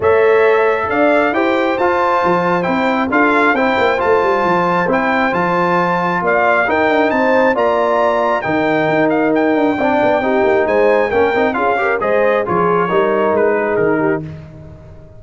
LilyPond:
<<
  \new Staff \with { instrumentName = "trumpet" } { \time 4/4 \tempo 4 = 135 e''2 f''4 g''4 | a''2 g''4 f''4 | g''4 a''2 g''4 | a''2 f''4 g''4 |
a''4 ais''2 g''4~ | g''8 f''8 g''2. | gis''4 g''4 f''4 dis''4 | cis''2 b'4 ais'4 | }
  \new Staff \with { instrumentName = "horn" } { \time 4/4 cis''2 d''4 c''4~ | c''2. a'4 | c''1~ | c''2 d''4 ais'4 |
c''4 d''2 ais'4~ | ais'2 d''4 g'4 | c''4 ais'4 gis'8 ais'8 c''4 | gis'4 ais'4. gis'4 g'8 | }
  \new Staff \with { instrumentName = "trombone" } { \time 4/4 a'2. g'4 | f'2 e'4 f'4 | e'4 f'2 e'4 | f'2. dis'4~ |
dis'4 f'2 dis'4~ | dis'2 d'4 dis'4~ | dis'4 cis'8 dis'8 f'8 g'8 gis'4 | f'4 dis'2. | }
  \new Staff \with { instrumentName = "tuba" } { \time 4/4 a2 d'4 e'4 | f'4 f4 c'4 d'4 | c'8 ais8 a8 g8 f4 c'4 | f2 ais4 dis'8 d'8 |
c'4 ais2 dis4 | dis'4. d'8 c'8 b8 c'8 ais8 | gis4 ais8 c'8 cis'4 gis4 | f4 g4 gis4 dis4 | }
>>